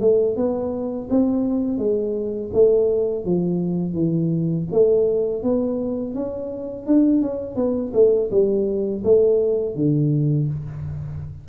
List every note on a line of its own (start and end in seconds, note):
0.00 0.36 A3
0.36 1.08 B3
1.10 1.78 C4
1.78 2.50 G#3
2.53 3.25 A3
3.25 3.93 F3
3.93 4.66 E3
4.72 5.42 A3
5.42 6.14 B3
6.14 6.86 C#4
6.86 7.22 D4
7.22 7.56 C#4
7.56 7.92 B3
7.94 8.30 A3
8.31 9.03 G3
9.04 9.75 A3
9.75 10.48 D3